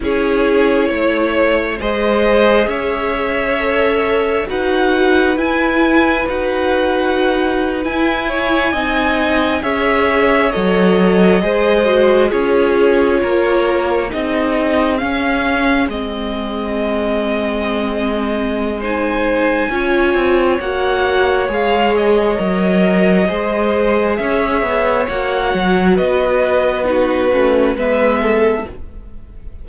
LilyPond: <<
  \new Staff \with { instrumentName = "violin" } { \time 4/4 \tempo 4 = 67 cis''2 dis''4 e''4~ | e''4 fis''4 gis''4 fis''4~ | fis''8. gis''2 e''4 dis''16~ | dis''4.~ dis''16 cis''2 dis''16~ |
dis''8. f''4 dis''2~ dis''16~ | dis''4 gis''2 fis''4 | f''8 dis''2~ dis''8 e''4 | fis''4 dis''4 b'4 e''4 | }
  \new Staff \with { instrumentName = "violin" } { \time 4/4 gis'4 cis''4 c''4 cis''4~ | cis''4 b'2.~ | b'4~ b'16 cis''8 dis''4 cis''4~ cis''16~ | cis''8. c''4 gis'4 ais'4 gis'16~ |
gis'1~ | gis'4 c''4 cis''2~ | cis''2 c''4 cis''4~ | cis''4 b'4 fis'4 b'8 a'8 | }
  \new Staff \with { instrumentName = "viola" } { \time 4/4 e'2 gis'2 | a'4 fis'4 e'4 fis'4~ | fis'8. e'4 dis'4 gis'4 a'16~ | a'8. gis'8 fis'8 f'2 dis'16~ |
dis'8. cis'4 c'2~ c'16~ | c'4 dis'4 f'4 fis'4 | gis'4 ais'4 gis'2 | fis'2 dis'8 cis'8 b4 | }
  \new Staff \with { instrumentName = "cello" } { \time 4/4 cis'4 a4 gis4 cis'4~ | cis'4 dis'4 e'4 dis'4~ | dis'8. e'4 c'4 cis'4 fis16~ | fis8. gis4 cis'4 ais4 c'16~ |
c'8. cis'4 gis2~ gis16~ | gis2 cis'8 c'8 ais4 | gis4 fis4 gis4 cis'8 b8 | ais8 fis8 b4. a8 gis4 | }
>>